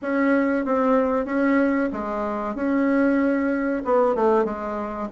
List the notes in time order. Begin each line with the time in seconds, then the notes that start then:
0.01 C#4
0.65 C4
1.25 C#4
1.92 G#3
2.55 C#4
3.85 B3
4.15 A3
4.44 G#3